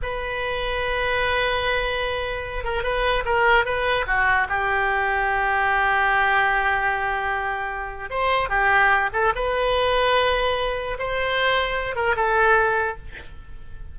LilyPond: \new Staff \with { instrumentName = "oboe" } { \time 4/4 \tempo 4 = 148 b'1~ | b'2~ b'8 ais'8 b'4 | ais'4 b'4 fis'4 g'4~ | g'1~ |
g'1 | c''4 g'4. a'8 b'4~ | b'2. c''4~ | c''4. ais'8 a'2 | }